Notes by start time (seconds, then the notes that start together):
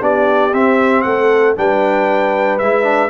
0.00 B3 D4 G4 D5
0.53 C4 E5
1.02 A3 A4 F#5
1.56 G3 D4 B4 G5
2.59 G#3 E4 E5
2.83 D4